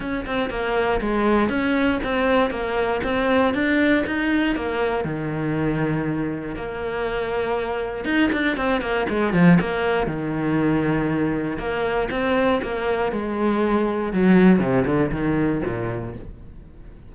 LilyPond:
\new Staff \with { instrumentName = "cello" } { \time 4/4 \tempo 4 = 119 cis'8 c'8 ais4 gis4 cis'4 | c'4 ais4 c'4 d'4 | dis'4 ais4 dis2~ | dis4 ais2. |
dis'8 d'8 c'8 ais8 gis8 f8 ais4 | dis2. ais4 | c'4 ais4 gis2 | fis4 c8 d8 dis4 ais,4 | }